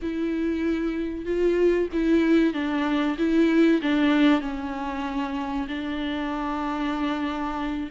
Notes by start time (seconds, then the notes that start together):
0.02 E4
1.25 F4
1.92 E4
2.53 D4
3.18 E4
3.82 D4
4.40 C#4
5.68 D4